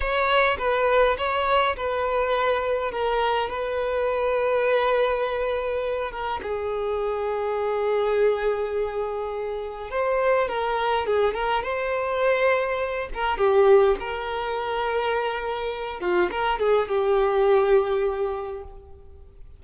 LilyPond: \new Staff \with { instrumentName = "violin" } { \time 4/4 \tempo 4 = 103 cis''4 b'4 cis''4 b'4~ | b'4 ais'4 b'2~ | b'2~ b'8 ais'8 gis'4~ | gis'1~ |
gis'4 c''4 ais'4 gis'8 ais'8 | c''2~ c''8 ais'8 g'4 | ais'2.~ ais'8 f'8 | ais'8 gis'8 g'2. | }